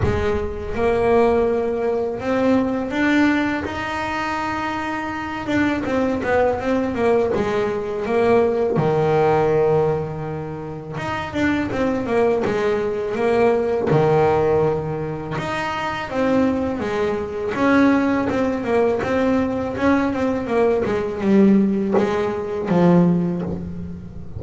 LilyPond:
\new Staff \with { instrumentName = "double bass" } { \time 4/4 \tempo 4 = 82 gis4 ais2 c'4 | d'4 dis'2~ dis'8 d'8 | c'8 b8 c'8 ais8 gis4 ais4 | dis2. dis'8 d'8 |
c'8 ais8 gis4 ais4 dis4~ | dis4 dis'4 c'4 gis4 | cis'4 c'8 ais8 c'4 cis'8 c'8 | ais8 gis8 g4 gis4 f4 | }